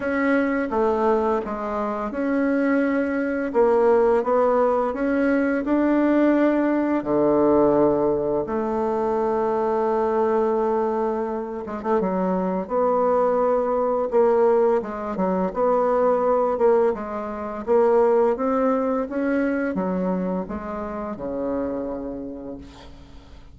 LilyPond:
\new Staff \with { instrumentName = "bassoon" } { \time 4/4 \tempo 4 = 85 cis'4 a4 gis4 cis'4~ | cis'4 ais4 b4 cis'4 | d'2 d2 | a1~ |
a8 gis16 a16 fis4 b2 | ais4 gis8 fis8 b4. ais8 | gis4 ais4 c'4 cis'4 | fis4 gis4 cis2 | }